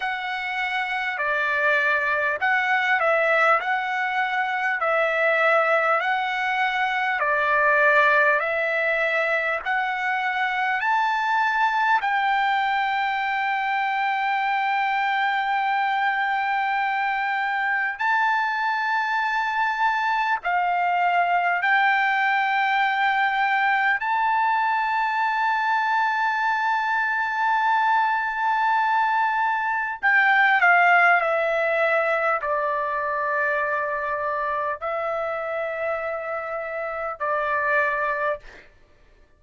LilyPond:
\new Staff \with { instrumentName = "trumpet" } { \time 4/4 \tempo 4 = 50 fis''4 d''4 fis''8 e''8 fis''4 | e''4 fis''4 d''4 e''4 | fis''4 a''4 g''2~ | g''2. a''4~ |
a''4 f''4 g''2 | a''1~ | a''4 g''8 f''8 e''4 d''4~ | d''4 e''2 d''4 | }